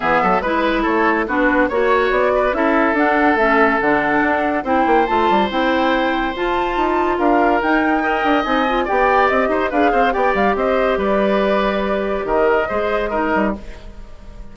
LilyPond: <<
  \new Staff \with { instrumentName = "flute" } { \time 4/4 \tempo 4 = 142 e''4 b'4 cis''4 b'4 | cis''4 d''4 e''4 fis''4 | e''4 fis''2 g''4 | a''4 g''2 a''4~ |
a''4 f''4 g''2 | gis''4 g''4 dis''4 f''4 | g''8 f''8 dis''4 d''2~ | d''4 dis''2. | }
  \new Staff \with { instrumentName = "oboe" } { \time 4/4 gis'8 a'8 b'4 a'4 fis'4 | cis''4. b'8 a'2~ | a'2. c''4~ | c''1~ |
c''4 ais'2 dis''4~ | dis''4 d''4. c''8 b'8 c''8 | d''4 c''4 b'2~ | b'4 ais'4 c''4 ais'4 | }
  \new Staff \with { instrumentName = "clarinet" } { \time 4/4 b4 e'2 d'4 | fis'2 e'4 d'4 | cis'4 d'2 e'4 | f'4 e'2 f'4~ |
f'2 dis'4 ais'4 | dis'8 f'8 g'2 gis'4 | g'1~ | g'2 gis'4 dis'4 | }
  \new Staff \with { instrumentName = "bassoon" } { \time 4/4 e8 fis8 gis4 a4 b4 | ais4 b4 cis'4 d'4 | a4 d4 d'4 c'8 ais8 | a8 g8 c'2 f'4 |
dis'4 d'4 dis'4. d'8 | c'4 b4 c'8 dis'8 d'8 c'8 | b8 g8 c'4 g2~ | g4 dis4 gis4. g8 | }
>>